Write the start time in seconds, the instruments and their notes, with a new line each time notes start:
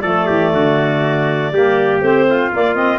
0.00 tuba F3, saxophone A3, trumpet A4, clarinet D5
0.26 tuba E3, trumpet G4
0.53 tuba D3, trumpet F#4
1.53 tuba G3, saxophone A#3, trumpet G4
2.01 tuba A3, saxophone C4, clarinet C5
2.29 trumpet F4
2.52 saxophone A#3, tuba A#3, clarinet D5
2.75 saxophone C4, clarinet D#5